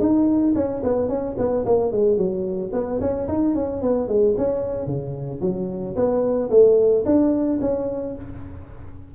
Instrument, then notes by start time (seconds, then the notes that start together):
tuba
0.00 D#4
0.55 C#4
0.84 B3
1.09 C#4
1.38 B3
1.66 A#3
1.92 G#3
2.18 F#3
2.73 B3
3.00 C#4
3.28 D#4
3.55 C#4
3.82 B3
4.08 G#3
4.38 C#4
4.86 C#3
5.41 F#3
5.96 B3
6.50 A3
7.06 D4
7.61 C#4